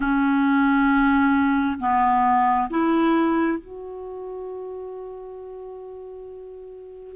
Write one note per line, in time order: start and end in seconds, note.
0.00 1.78 C#4
1.79 2.69 B3
2.69 3.58 E4
3.58 7.16 F#4